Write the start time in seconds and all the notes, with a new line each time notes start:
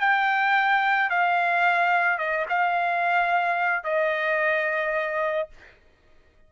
0.00 G5
1.10 F5
2.18 D#5
2.49 F5
3.84 D#5